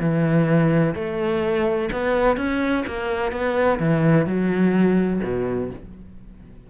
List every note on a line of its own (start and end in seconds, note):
0.00 0.94 E3
0.95 1.89 A3
1.92 2.37 B3
2.37 2.84 C#4
2.87 3.32 A#3
3.32 3.79 B3
3.79 4.26 E3
4.26 5.21 F#3
5.23 5.70 B2